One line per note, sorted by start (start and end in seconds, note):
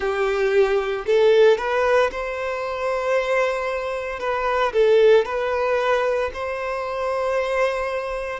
0.00 1.05 G4
1.06 1.57 A4
1.57 2.10 B4
2.11 4.19 C5
4.19 4.72 B4
4.72 5.25 A4
5.25 6.30 B4
6.33 8.39 C5